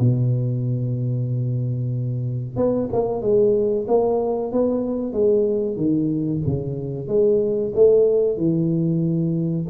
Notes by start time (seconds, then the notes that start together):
0.00 B2
2.57 B3
2.93 A#3
3.22 G#3
3.88 A#3
4.52 B3
5.13 G#3
5.77 D#3
6.47 C#3
7.08 G#3
7.75 A3
8.38 E3